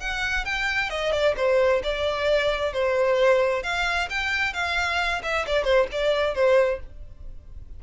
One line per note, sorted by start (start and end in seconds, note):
0.00 0.45 F#5
0.45 0.90 G5
0.90 1.12 D#5
1.12 1.35 D5
1.37 1.82 C5
1.83 2.73 D5
2.73 3.63 C5
3.63 4.09 F5
4.10 4.54 G5
4.54 5.22 F5
5.23 5.46 E5
5.47 5.64 D5
5.64 5.87 C5
5.92 6.35 D5
6.35 6.80 C5